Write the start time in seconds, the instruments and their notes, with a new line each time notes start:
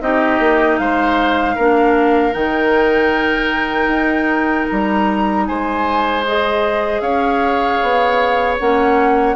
0.00 bassoon C4, clarinet D#4, oboe G4, flute D#5
0.39 bassoon A#3
0.77 bassoon G#3, oboe C5, flute F5
1.55 bassoon A#3, clarinet D4, oboe A#4
2.32 bassoon D#3, clarinet D#4, flute G5
3.87 bassoon D#4
4.67 bassoon G3, flute A#5
5.46 bassoon G#3, oboe C5, flute G#5
6.27 clarinet G#4, flute D#5
7.00 bassoon C#4, oboe C#5, flute F5
7.81 bassoon B3
8.58 bassoon A#3, clarinet C#4, flute F#5